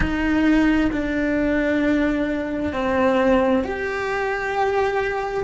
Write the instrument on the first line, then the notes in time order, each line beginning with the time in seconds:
cello
0.00 D#4
0.91 D4
2.73 C4
3.64 G4